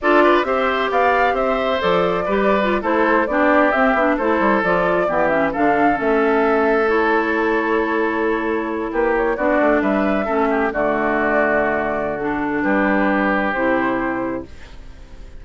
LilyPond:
<<
  \new Staff \with { instrumentName = "flute" } { \time 4/4 \tempo 4 = 133 d''4 e''4 f''4 e''4 | d''2~ d''16 c''4 d''8.~ | d''16 e''4 c''4 d''4. e''16~ | e''16 f''4 e''2 cis''8.~ |
cis''2.~ cis''8. b'16~ | b'16 cis''8 d''4 e''2 d''16~ | d''2. a'4 | b'2 c''2 | }
  \new Staff \with { instrumentName = "oboe" } { \time 4/4 a'8 b'8 c''4 d''4 c''4~ | c''4 b'4~ b'16 a'4 g'8.~ | g'4~ g'16 a'2 g'8.~ | g'16 a'2.~ a'8.~ |
a'2.~ a'8. g'16~ | g'8. fis'4 b'4 a'8 g'8 fis'16~ | fis'1 | g'1 | }
  \new Staff \with { instrumentName = "clarinet" } { \time 4/4 f'4 g'2. | a'4 g'8. f'8 e'4 d'8.~ | d'16 c'8 d'8 e'4 f'4 b8 cis'16~ | cis'16 d'4 cis'2 e'8.~ |
e'1~ | e'8. d'2 cis'4 a16~ | a2. d'4~ | d'2 e'2 | }
  \new Staff \with { instrumentName = "bassoon" } { \time 4/4 d'4 c'4 b4 c'4 | f4 g4~ g16 a4 b8.~ | b16 c'8 b8 a8 g8 f4 e8.~ | e16 d4 a2~ a8.~ |
a2.~ a8. ais16~ | ais8. b8 a8 g4 a4 d16~ | d1 | g2 c2 | }
>>